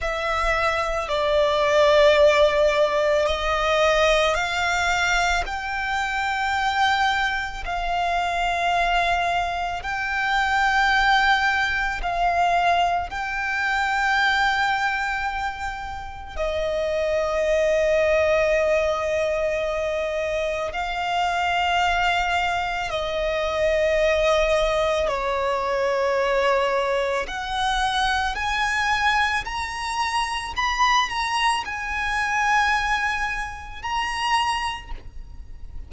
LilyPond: \new Staff \with { instrumentName = "violin" } { \time 4/4 \tempo 4 = 55 e''4 d''2 dis''4 | f''4 g''2 f''4~ | f''4 g''2 f''4 | g''2. dis''4~ |
dis''2. f''4~ | f''4 dis''2 cis''4~ | cis''4 fis''4 gis''4 ais''4 | b''8 ais''8 gis''2 ais''4 | }